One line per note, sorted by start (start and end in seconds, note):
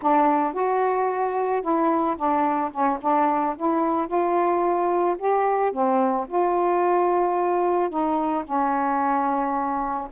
0.01 0.53 D4
0.53 1.62 F#4
1.62 2.16 E4
2.16 2.71 D4
2.71 2.99 C#4
3.01 3.56 D4
3.57 4.07 E4
4.07 5.16 F4
5.18 5.72 G4
5.72 6.26 C4
6.28 7.89 F4
7.89 8.44 D#4
8.44 10.08 C#4